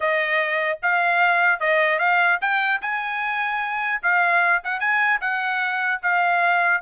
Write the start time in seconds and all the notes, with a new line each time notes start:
0.00 D#5
0.82 F5
1.59 D#5
1.99 F5
2.41 G5
2.81 G#5
4.02 F5
4.63 F#5
4.80 G#5
5.21 F#5
6.02 F5